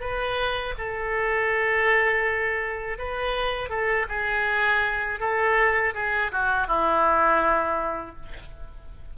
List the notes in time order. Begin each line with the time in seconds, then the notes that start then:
0.00 B4
0.78 A4
2.98 B4
3.69 A4
4.08 G#4
5.20 A4
5.94 G#4
6.32 F#4
6.68 E4